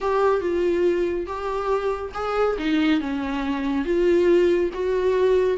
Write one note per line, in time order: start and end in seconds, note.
0.00 0.40 G4
0.40 1.26 F4
1.26 2.12 G4
2.14 2.56 G#4
2.58 3.00 D#4
3.00 3.84 C#4
3.84 4.70 F4
4.73 5.57 F#4